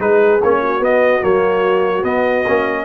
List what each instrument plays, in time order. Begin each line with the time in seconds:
0.00 tuba G#3, trombone D#4, horn G#4, trumpet B4
0.43 tuba A#3, trombone C#4, trumpet C#5
0.62 horn F#4
0.81 trombone B3, tuba B3, trumpet D#5
1.22 tuba F#3, trombone A#3, trumpet C#5
2.04 tuba B3, trombone B3, trumpet D#5
2.48 tuba A#3, trombone C#4